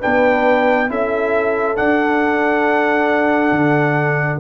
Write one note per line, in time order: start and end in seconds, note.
0.00 0.90 B3
0.00 0.89 D4
0.00 0.88 B4
0.00 0.91 G5
0.89 1.78 C#4
0.89 1.76 E4
0.89 4.40 A4
0.89 1.77 E5
1.76 4.40 D4
1.76 3.52 D4
1.76 4.40 F#5
3.52 4.40 D3